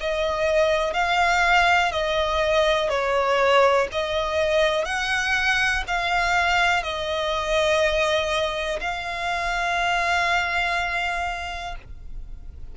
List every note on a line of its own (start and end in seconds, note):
0.00 0.93 D#5
0.93 1.91 F5
1.91 2.89 D#5
2.89 3.88 C#5
3.92 4.85 D#5
4.85 5.83 F#5
5.87 6.83 F5
6.83 8.79 D#5
8.80 11.75 F5